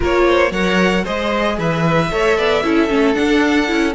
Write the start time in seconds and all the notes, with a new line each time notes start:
0.00 A#3 F4 A#4 C#5
0.26 C5
0.51 F#3 A#4 C#5 F#5
1.03 G#3 G#4 C5 D#5
1.58 E3 B4 E5
2.11 A3 A4 C#5
2.37 B3 D5
2.63 C#4 E4 A4
2.88 A3 C#4
3.13 D4 F#5
3.67 C#4 E4